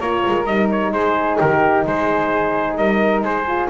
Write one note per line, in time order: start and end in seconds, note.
0.00 0.24 A#3
0.00 0.47 F4
0.00 0.92 A#4
0.00 0.46 C#5
0.27 0.46 G#3
0.46 0.92 G3
0.46 3.47 D#4
0.46 0.69 D#5
0.71 0.93 C#5
0.92 1.38 G#3
0.92 1.38 G#4
0.92 1.39 C5
1.38 1.86 D#3
1.38 1.85 G4
1.38 1.87 A#4
1.86 2.78 G#3
1.86 2.78 G#4
1.86 2.77 C5
2.77 3.22 G3
2.77 3.23 A#4
2.77 3.23 D#5
3.22 3.68 G#3
3.22 3.70 G#4
3.22 3.70 C5
3.47 3.70 F4